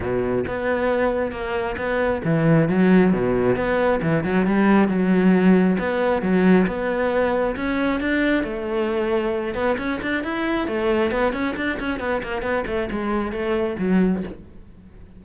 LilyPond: \new Staff \with { instrumentName = "cello" } { \time 4/4 \tempo 4 = 135 b,4 b2 ais4 | b4 e4 fis4 b,4 | b4 e8 fis8 g4 fis4~ | fis4 b4 fis4 b4~ |
b4 cis'4 d'4 a4~ | a4. b8 cis'8 d'8 e'4 | a4 b8 cis'8 d'8 cis'8 b8 ais8 | b8 a8 gis4 a4 fis4 | }